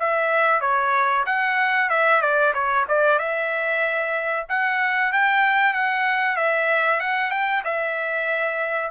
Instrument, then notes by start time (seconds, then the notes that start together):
trumpet
0.00 E5
0.62 C#5
1.26 F#5
1.90 E5
2.22 D5
2.54 C#5
2.89 D5
3.19 E5
4.49 F#5
5.13 G5
5.74 F#5
6.37 E5
7.01 F#5
7.31 G5
7.65 E5